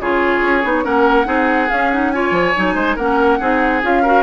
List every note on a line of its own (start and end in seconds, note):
0.00 0.42 C#3
0.00 0.64 F4
0.00 0.84 G#4
0.00 0.85 C#5
0.42 0.63 C#4
0.64 0.85 B3
0.64 0.84 D#4
0.84 1.26 A#3
0.84 1.25 C#4
0.84 1.27 A#4
0.84 1.70 F#5
1.25 1.69 C4
1.25 1.67 D#4
1.25 2.12 G#4
1.69 1.91 C#4
1.69 2.31 C#4
1.69 1.91 F5
1.91 2.14 D#4
1.91 2.11 F#5
2.11 2.55 F4
2.11 2.74 C#5
2.11 2.96 G#5
2.31 2.53 F3
2.55 2.75 F#3
2.55 2.98 D#4
2.74 2.96 G#3
2.74 2.96 C5
2.96 3.40 A#3
2.96 3.40 C#4
2.96 3.38 A#4
2.96 3.82 F#5
3.40 3.83 C4
3.40 3.83 D#4
3.40 4.02 G#4
3.83 4.23 C#4
3.83 4.04 F4
3.83 4.23 F5
4.02 4.23 F#4
4.02 4.23 A#4